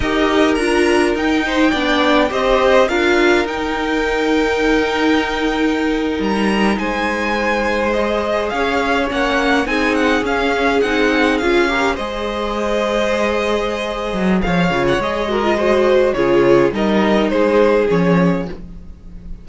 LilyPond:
<<
  \new Staff \with { instrumentName = "violin" } { \time 4/4 \tempo 4 = 104 dis''4 ais''4 g''2 | dis''4 f''4 g''2~ | g''2~ g''8. ais''4 gis''16~ | gis''4.~ gis''16 dis''4 f''4 fis''16~ |
fis''8. gis''8 fis''8 f''4 fis''4 f''16~ | f''8. dis''2.~ dis''16~ | dis''4 f''8. fis''16 dis''2 | cis''4 dis''4 c''4 cis''4 | }
  \new Staff \with { instrumentName = "violin" } { \time 4/4 ais'2~ ais'8 c''8 d''4 | c''4 ais'2.~ | ais'2.~ ais'8. c''16~ | c''2~ c''8. cis''4~ cis''16~ |
cis''8. gis'2.~ gis'16~ | gis'16 ais'8 c''2.~ c''16~ | c''4 cis''4. ais'8 c''4 | gis'4 ais'4 gis'2 | }
  \new Staff \with { instrumentName = "viola" } { \time 4/4 g'4 f'4 dis'4 d'4 | g'4 f'4 dis'2~ | dis'1~ | dis'4.~ dis'16 gis'2 cis'16~ |
cis'8. dis'4 cis'4 dis'4 f'16~ | f'16 g'8 gis'2.~ gis'16~ | gis'4. f'8 gis'8 fis'16 f'16 fis'4 | f'4 dis'2 cis'4 | }
  \new Staff \with { instrumentName = "cello" } { \time 4/4 dis'4 d'4 dis'4 b4 | c'4 d'4 dis'2~ | dis'2~ dis'8. g4 gis16~ | gis2~ gis8. cis'4 ais16~ |
ais8. c'4 cis'4 c'4 cis'16~ | cis'8. gis2.~ gis16~ | gis8 fis8 f8 cis8 gis2 | cis4 g4 gis4 f4 | }
>>